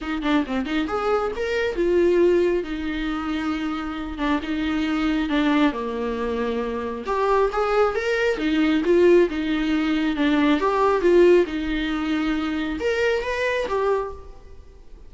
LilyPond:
\new Staff \with { instrumentName = "viola" } { \time 4/4 \tempo 4 = 136 dis'8 d'8 c'8 dis'8 gis'4 ais'4 | f'2 dis'2~ | dis'4. d'8 dis'2 | d'4 ais2. |
g'4 gis'4 ais'4 dis'4 | f'4 dis'2 d'4 | g'4 f'4 dis'2~ | dis'4 ais'4 b'4 g'4 | }